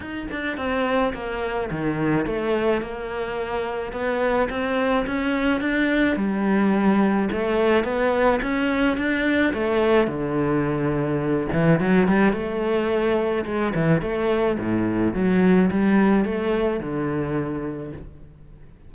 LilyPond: \new Staff \with { instrumentName = "cello" } { \time 4/4 \tempo 4 = 107 dis'8 d'8 c'4 ais4 dis4 | a4 ais2 b4 | c'4 cis'4 d'4 g4~ | g4 a4 b4 cis'4 |
d'4 a4 d2~ | d8 e8 fis8 g8 a2 | gis8 e8 a4 a,4 fis4 | g4 a4 d2 | }